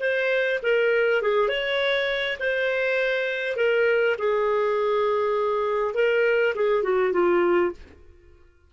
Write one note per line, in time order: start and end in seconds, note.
0.00 0.59 C5
0.63 1.22 A#4
1.22 1.49 G#4
1.49 2.38 C#5
2.40 3.56 C5
3.56 4.16 A#4
4.19 5.94 G#4
5.94 6.54 A#4
6.55 6.83 G#4
6.83 7.13 F#4
7.13 7.72 F4